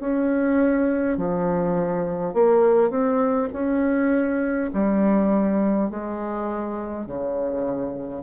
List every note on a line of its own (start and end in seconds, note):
0.00 1.17 C#4
1.17 2.34 F3
2.34 2.90 A#3
2.90 3.49 C4
3.52 4.70 C#4
4.73 5.90 G3
5.90 7.06 G#3
7.06 8.22 C#3